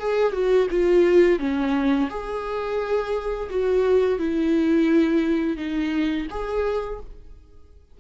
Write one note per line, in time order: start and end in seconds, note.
0.00 0.33 G#4
0.33 0.68 F#4
0.71 1.40 F4
1.40 2.09 C#4
2.10 3.50 G#4
3.50 4.19 F#4
4.19 5.57 E4
5.57 6.27 D#4
6.30 7.00 G#4